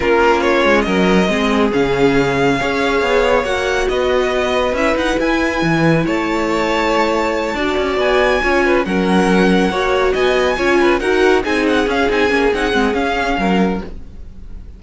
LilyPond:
<<
  \new Staff \with { instrumentName = "violin" } { \time 4/4 \tempo 4 = 139 ais'4 cis''4 dis''2 | f''1 | fis''4 dis''2 e''8 fis''8 | gis''2 a''2~ |
a''2~ a''8 gis''4.~ | gis''8 fis''2. gis''8~ | gis''4. fis''4 gis''8 fis''8 f''8 | gis''4 fis''4 f''2 | }
  \new Staff \with { instrumentName = "violin" } { \time 4/4 f'2 ais'4 gis'4~ | gis'2 cis''2~ | cis''4 b'2.~ | b'2 cis''2~ |
cis''4. d''2 cis''8 | b'8 ais'2 cis''4 dis''8~ | dis''8 cis''8 b'8 ais'4 gis'4.~ | gis'2. ais'4 | }
  \new Staff \with { instrumentName = "viola" } { \time 4/4 cis'2. c'4 | cis'2 gis'2 | fis'2. e'4~ | e'1~ |
e'4. fis'2 f'8~ | f'8 cis'2 fis'4.~ | fis'8 f'4 fis'4 dis'4 cis'8 | dis'8 cis'8 dis'8 c'8 cis'2 | }
  \new Staff \with { instrumentName = "cello" } { \time 4/4 ais4. gis8 fis4 gis4 | cis2 cis'4 b4 | ais4 b2 cis'8 dis'8 | e'4 e4 a2~ |
a4. d'8 cis'8 b4 cis'8~ | cis'8 fis2 ais4 b8~ | b8 cis'4 dis'4 c'4 cis'8 | c'8 ais8 c'8 gis8 cis'4 fis4 | }
>>